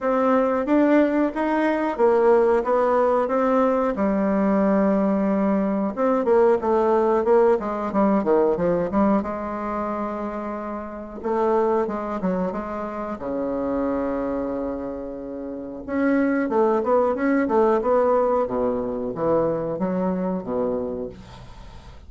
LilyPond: \new Staff \with { instrumentName = "bassoon" } { \time 4/4 \tempo 4 = 91 c'4 d'4 dis'4 ais4 | b4 c'4 g2~ | g4 c'8 ais8 a4 ais8 gis8 | g8 dis8 f8 g8 gis2~ |
gis4 a4 gis8 fis8 gis4 | cis1 | cis'4 a8 b8 cis'8 a8 b4 | b,4 e4 fis4 b,4 | }